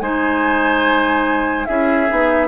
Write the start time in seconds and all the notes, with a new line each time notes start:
0.00 G#3 D#4 C5 G#5
1.65 C#4 E4 G#4 E5
2.07 B3 D#4